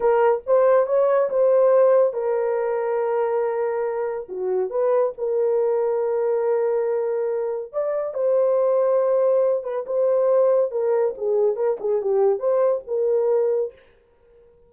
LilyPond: \new Staff \with { instrumentName = "horn" } { \time 4/4 \tempo 4 = 140 ais'4 c''4 cis''4 c''4~ | c''4 ais'2.~ | ais'2 fis'4 b'4 | ais'1~ |
ais'2 d''4 c''4~ | c''2~ c''8 b'8 c''4~ | c''4 ais'4 gis'4 ais'8 gis'8 | g'4 c''4 ais'2 | }